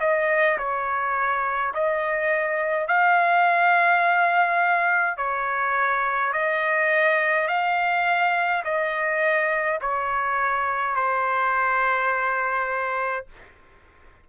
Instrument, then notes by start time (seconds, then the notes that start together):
trumpet
0.00 D#5
0.58 C#5
1.74 D#5
2.88 F5
5.18 C#5
6.33 D#5
7.48 F5
8.64 D#5
9.81 C#5
10.96 C5